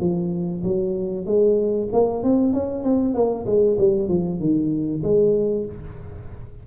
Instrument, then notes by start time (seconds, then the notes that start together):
tuba
0.00 F3
0.63 F#3
1.26 G#3
1.92 A#3
2.23 C4
2.53 C#4
2.83 C4
3.14 A#3
3.46 G#3
3.78 G3
4.08 F3
4.39 D#3
5.03 G#3